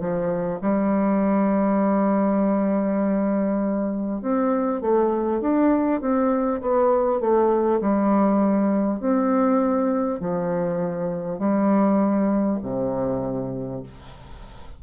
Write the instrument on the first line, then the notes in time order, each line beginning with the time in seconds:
bassoon
0.00 F3
0.61 G3
4.21 C4
4.81 A3
5.41 D4
6.01 C4
6.61 B3
7.20 A3
7.81 G3
9.00 C4
10.19 F3
11.38 G3
12.63 C3